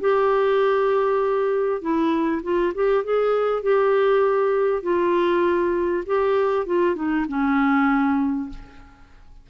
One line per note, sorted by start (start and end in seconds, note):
0.00 1.81 G4
1.81 2.42 E4
2.42 2.73 F4
2.74 3.04 G4
3.04 3.62 G#4
3.62 4.82 G4
4.82 6.04 F4
6.06 6.66 G4
6.66 6.95 F4
6.95 7.25 D#4
7.28 8.49 C#4